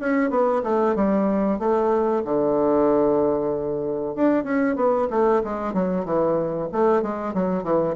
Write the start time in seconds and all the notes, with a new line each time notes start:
0.00 C#4
0.30 B3
0.64 A3
0.96 G3
1.59 A3
2.25 D3
4.15 D4
4.44 C#4
4.76 B3
5.11 A3
5.44 G#3
5.74 F#3
6.05 E3
6.73 A3
7.02 G#3
7.34 F#3
7.63 E3